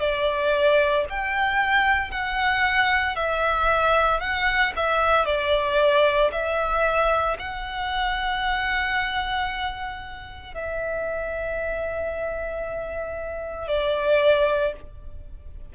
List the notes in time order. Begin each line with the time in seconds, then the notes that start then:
0.00 D5
1.09 G5
2.11 F#5
3.16 E5
4.20 F#5
4.76 E5
5.25 D5
6.32 E5
7.39 F#5
10.54 E5
13.68 D5